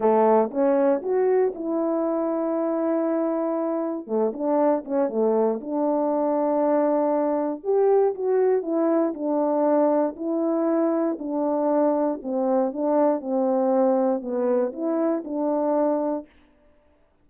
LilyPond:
\new Staff \with { instrumentName = "horn" } { \time 4/4 \tempo 4 = 118 a4 cis'4 fis'4 e'4~ | e'1 | a8 d'4 cis'8 a4 d'4~ | d'2. g'4 |
fis'4 e'4 d'2 | e'2 d'2 | c'4 d'4 c'2 | b4 e'4 d'2 | }